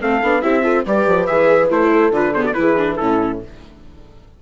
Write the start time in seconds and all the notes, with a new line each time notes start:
0.00 A3 C4 A4 F5
0.22 B3 D4
0.41 C4 E4 G4 E5
0.62 F4 A4
0.85 G3 G4 B4 D5
1.06 F3
1.26 E3 G#4 E5
1.69 A3 E4 C5
1.92 A4
2.10 D3 F4 B4
2.33 B3 G#4 C5
2.41 F#4 D5
2.54 E3 E4 G#4 B4
2.77 D4
2.96 A2 C#4 E4 A4